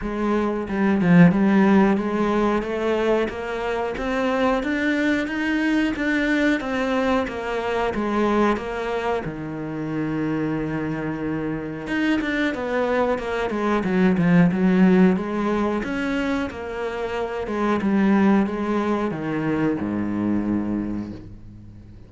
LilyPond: \new Staff \with { instrumentName = "cello" } { \time 4/4 \tempo 4 = 91 gis4 g8 f8 g4 gis4 | a4 ais4 c'4 d'4 | dis'4 d'4 c'4 ais4 | gis4 ais4 dis2~ |
dis2 dis'8 d'8 b4 | ais8 gis8 fis8 f8 fis4 gis4 | cis'4 ais4. gis8 g4 | gis4 dis4 gis,2 | }